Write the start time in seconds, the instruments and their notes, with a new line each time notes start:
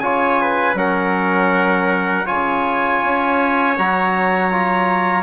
0.00 bassoon C#3, trombone F4, trumpet C#5 G#5
0.42 trumpet B4
0.74 bassoon F#3, trombone C#4, trumpet A#4 F#5
2.26 bassoon C#3, trombone F4, trumpet C#5 G#5
3.03 bassoon C#4
3.78 bassoon F#3, trombone F#4, trumpet A#5
4.52 trombone F4